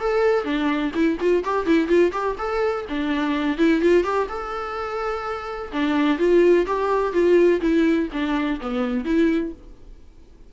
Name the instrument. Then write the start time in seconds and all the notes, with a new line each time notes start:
viola
0.00 A4
0.44 D4
0.94 E4
1.20 F4
1.44 G4
1.66 E4
1.88 F4
2.12 G4
2.38 A4
2.89 D4
3.57 E4
3.81 F4
4.03 G4
4.29 A4
5.72 D4
6.18 F4
6.66 G4
7.13 F4
7.61 E4
8.13 D4
8.60 B3
9.05 E4